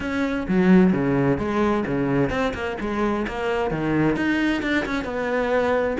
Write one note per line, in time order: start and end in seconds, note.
0.00 0.46 C#4
0.48 0.92 F#3
0.92 1.38 C#3
1.38 1.84 G#3
1.86 2.30 C#3
2.30 2.53 C4
2.54 2.77 A#3
2.80 3.26 G#3
3.27 3.70 A#3
3.70 4.16 D#3
4.16 4.62 D#4
4.62 4.85 D4
4.85 5.04 C#4
5.04 5.96 B3